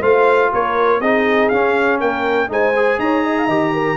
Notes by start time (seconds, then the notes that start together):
0.00 A3 F4 C5 F5
0.52 A#3 A#4 C#5
1.01 C4 D#4 G#4 D#5
1.49 C#4 F5
2.00 A#3 A#4 G5
2.48 G#3 D#4 C5 G#5
2.76 G#4
2.99 D#4 C#5 A#5
3.24 D#5
3.37 F5
3.46 D#3 G4 D#5
3.72 A#4